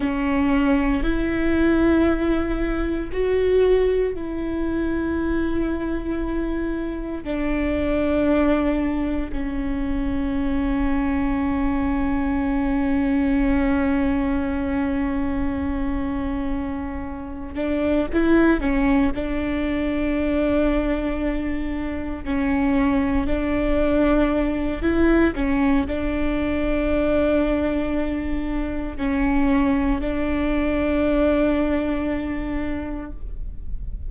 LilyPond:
\new Staff \with { instrumentName = "viola" } { \time 4/4 \tempo 4 = 58 cis'4 e'2 fis'4 | e'2. d'4~ | d'4 cis'2.~ | cis'1~ |
cis'4 d'8 e'8 cis'8 d'4.~ | d'4. cis'4 d'4. | e'8 cis'8 d'2. | cis'4 d'2. | }